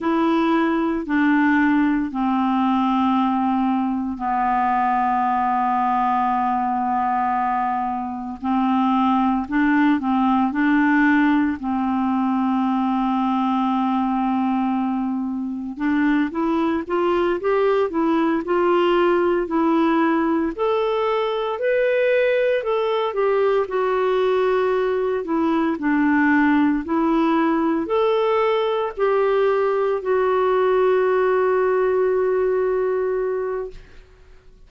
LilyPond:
\new Staff \with { instrumentName = "clarinet" } { \time 4/4 \tempo 4 = 57 e'4 d'4 c'2 | b1 | c'4 d'8 c'8 d'4 c'4~ | c'2. d'8 e'8 |
f'8 g'8 e'8 f'4 e'4 a'8~ | a'8 b'4 a'8 g'8 fis'4. | e'8 d'4 e'4 a'4 g'8~ | g'8 fis'2.~ fis'8 | }